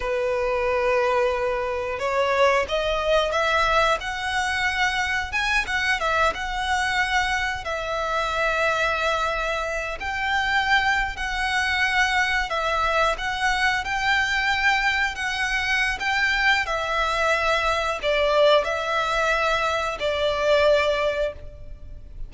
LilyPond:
\new Staff \with { instrumentName = "violin" } { \time 4/4 \tempo 4 = 90 b'2. cis''4 | dis''4 e''4 fis''2 | gis''8 fis''8 e''8 fis''2 e''8~ | e''2. g''4~ |
g''8. fis''2 e''4 fis''16~ | fis''8. g''2 fis''4~ fis''16 | g''4 e''2 d''4 | e''2 d''2 | }